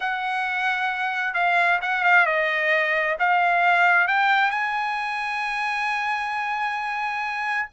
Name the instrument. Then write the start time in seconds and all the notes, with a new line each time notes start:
trumpet
0.00 F#5
1.34 F5
1.81 F#5
2.04 F5
2.26 D#5
3.19 F5
4.07 G5
4.50 G#5